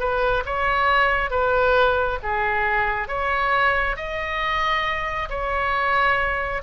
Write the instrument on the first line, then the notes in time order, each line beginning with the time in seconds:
oboe
0.00 B4
0.46 C#5
1.31 B4
2.23 G#4
3.08 C#5
3.97 D#5
5.30 C#5